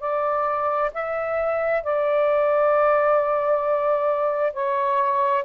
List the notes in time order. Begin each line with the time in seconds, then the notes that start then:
0.00 D5
0.94 E5
1.83 D5
4.53 C#5